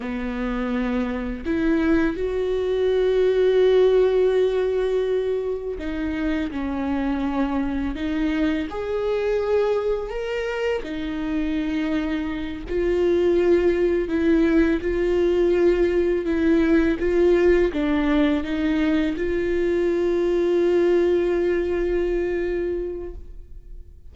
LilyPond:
\new Staff \with { instrumentName = "viola" } { \time 4/4 \tempo 4 = 83 b2 e'4 fis'4~ | fis'1 | dis'4 cis'2 dis'4 | gis'2 ais'4 dis'4~ |
dis'4. f'2 e'8~ | e'8 f'2 e'4 f'8~ | f'8 d'4 dis'4 f'4.~ | f'1 | }